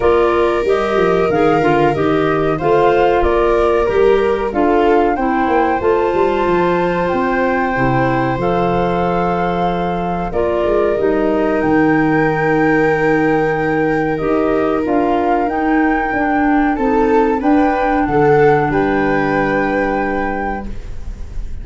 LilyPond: <<
  \new Staff \with { instrumentName = "flute" } { \time 4/4 \tempo 4 = 93 d''4 dis''4 f''4 dis''4 | f''4 d''4 ais'4 f''4 | g''4 a''2 g''4~ | g''4 f''2. |
d''4 dis''4 g''2~ | g''2 dis''4 f''4 | g''2 a''4 g''4 | fis''4 g''2. | }
  \new Staff \with { instrumentName = "viola" } { \time 4/4 ais'1 | c''4 ais'2 a'4 | c''1~ | c''1 |
ais'1~ | ais'1~ | ais'2 a'4 b'4 | a'4 b'2. | }
  \new Staff \with { instrumentName = "clarinet" } { \time 4/4 f'4 g'4 gis'8 f'8 g'4 | f'2 g'4 f'4 | e'4 f'2. | e'4 a'2. |
f'4 dis'2.~ | dis'2 g'4 f'4 | dis'4 d'4 dis'4 d'4~ | d'1 | }
  \new Staff \with { instrumentName = "tuba" } { \time 4/4 ais4 g8 f8 dis8 d8 dis4 | a4 ais4 g4 d'4 | c'8 ais8 a8 g8 f4 c'4 | c4 f2. |
ais8 gis8 g4 dis2~ | dis2 dis'4 d'4 | dis'4 d'4 c'4 d'4 | d4 g2. | }
>>